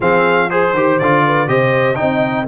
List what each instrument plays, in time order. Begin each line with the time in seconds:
0.00 tuba F3, trombone C4, horn G#4, trumpet F5
0.50 trombone G#4, trumpet C5, horn C5
0.73 tuba D#3, trombone G4
0.98 tuba D3, trombone F4, trumpet D5
1.25 horn B4
1.48 tuba C3, trombone G4, horn C5, trumpet D#5
1.95 tuba C4, trombone D#4, horn D#5, trumpet G5